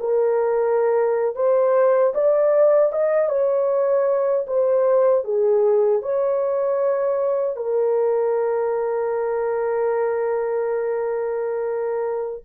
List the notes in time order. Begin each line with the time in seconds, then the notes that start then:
0.00 A#4
1.36 C5
2.15 D5
2.92 D#5
3.29 C#5
4.47 C5
5.25 G#4
6.02 C#5
7.57 A#4